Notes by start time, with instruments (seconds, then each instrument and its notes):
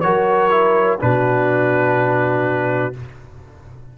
0.00 tuba F#3, trombone F#4, horn A#4, trumpet C#5
0.50 trombone E4
0.99 tuba B2, trombone D4, horn F#4, trumpet B4